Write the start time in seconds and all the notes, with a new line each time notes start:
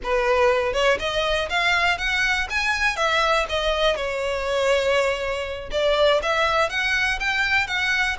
0.03 B4
0.73 C#5
0.99 D#5
1.49 F5
1.98 F#5
2.50 G#5
2.96 E5
3.49 D#5
3.96 C#5
5.71 D5
6.22 E5
6.69 F#5
7.19 G5
7.67 F#5